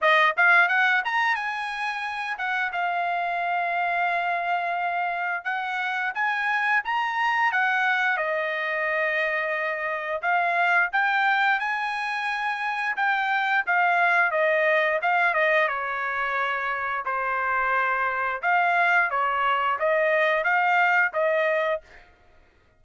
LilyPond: \new Staff \with { instrumentName = "trumpet" } { \time 4/4 \tempo 4 = 88 dis''8 f''8 fis''8 ais''8 gis''4. fis''8 | f''1 | fis''4 gis''4 ais''4 fis''4 | dis''2. f''4 |
g''4 gis''2 g''4 | f''4 dis''4 f''8 dis''8 cis''4~ | cis''4 c''2 f''4 | cis''4 dis''4 f''4 dis''4 | }